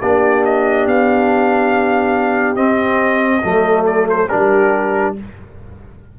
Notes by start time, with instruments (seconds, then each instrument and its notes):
0.00 tuba A#3, trombone D4, horn G4, trumpet D5
0.45 trumpet D#5
0.87 tuba B3, trumpet F5
2.56 trombone C4, tuba C4, trumpet D#5
3.44 tuba F#3, trombone A3, horn A4
3.86 trumpet D5
4.10 trumpet C5
4.29 tuba G3, trombone D4, horn G4, trumpet A#4